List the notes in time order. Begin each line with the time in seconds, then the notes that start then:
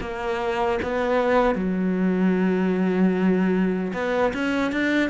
0.00 A#3
0.82 B3
1.55 F#3
3.93 B3
4.33 C#4
4.72 D4